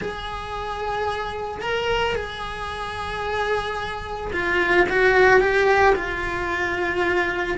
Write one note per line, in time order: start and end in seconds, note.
0.01 1.61 G#4
1.61 2.15 A#4
2.15 4.31 G#4
4.32 4.86 F4
4.89 5.40 F#4
5.40 5.94 G4
5.95 7.57 F4